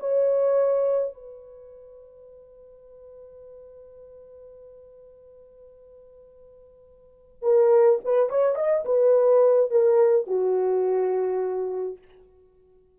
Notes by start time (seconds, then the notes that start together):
0.00 C#5
1.14 B4
7.42 A#4
8.05 B4
8.30 C#5
8.56 D#5
8.85 B4
9.71 A#4
10.27 F#4